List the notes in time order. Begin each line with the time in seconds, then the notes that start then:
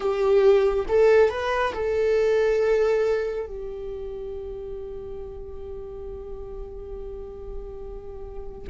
0.00 G4
0.88 A4
1.29 B4
1.73 A4
3.46 G4